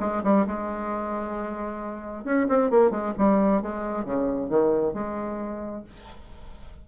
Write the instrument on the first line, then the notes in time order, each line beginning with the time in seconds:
bassoon
0.00 G#3
0.23 G3
0.47 G#3
2.24 C#4
2.49 C4
2.70 A#3
2.90 G#3
3.18 G3
3.62 G#3
4.05 C#3
4.49 D#3
4.93 G#3